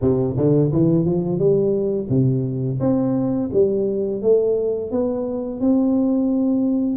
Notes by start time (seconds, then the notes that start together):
0.01 C3
0.36 D3
0.72 E3
1.05 F3
1.38 G3
2.09 C3
2.80 C4
3.52 G3
4.22 A3
4.91 B3
5.60 C4